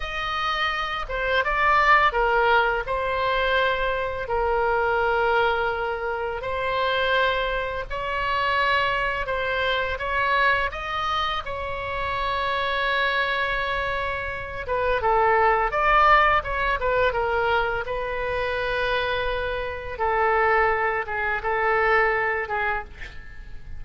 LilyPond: \new Staff \with { instrumentName = "oboe" } { \time 4/4 \tempo 4 = 84 dis''4. c''8 d''4 ais'4 | c''2 ais'2~ | ais'4 c''2 cis''4~ | cis''4 c''4 cis''4 dis''4 |
cis''1~ | cis''8 b'8 a'4 d''4 cis''8 b'8 | ais'4 b'2. | a'4. gis'8 a'4. gis'8 | }